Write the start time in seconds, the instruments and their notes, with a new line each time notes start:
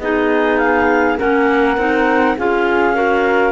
0.00 cello B3, clarinet D#4 D#5, flute G#4
0.58 clarinet F5
1.18 cello A#3, clarinet C#4 F#5, flute A#4
1.77 cello C4, clarinet D#4
2.38 cello C#4, clarinet F4 F5, flute G#4
2.95 clarinet F#4, flute A#4